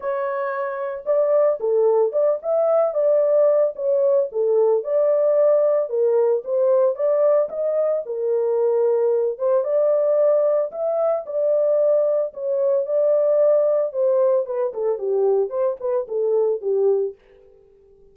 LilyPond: \new Staff \with { instrumentName = "horn" } { \time 4/4 \tempo 4 = 112 cis''2 d''4 a'4 | d''8 e''4 d''4. cis''4 | a'4 d''2 ais'4 | c''4 d''4 dis''4 ais'4~ |
ais'4. c''8 d''2 | e''4 d''2 cis''4 | d''2 c''4 b'8 a'8 | g'4 c''8 b'8 a'4 g'4 | }